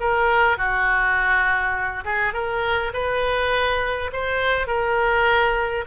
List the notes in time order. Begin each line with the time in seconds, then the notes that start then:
0.00 A#4
0.57 F#4
2.05 G#4
2.33 A#4
2.93 B4
4.13 C5
4.67 A#4